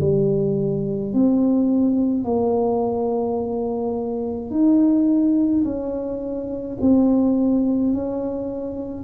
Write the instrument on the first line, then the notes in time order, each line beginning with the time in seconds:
tuba
0.00 G3
1.13 C4
2.23 A#3
4.50 D#4
5.64 C#4
6.80 C4
7.93 C#4